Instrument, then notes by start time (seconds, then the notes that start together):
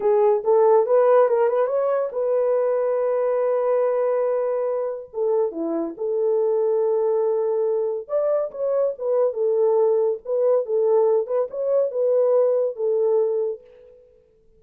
horn
0.00 G#4
0.44 A4
0.86 B4
1.28 A#4
1.48 B4
1.66 C#5
2.12 B4
5.13 A4
5.51 E4
5.97 A4
8.08 D5
8.51 C#5
8.98 B4
9.33 A4
10.25 B4
10.65 A4
11.26 B4
11.50 C#5
11.91 B4
12.75 A4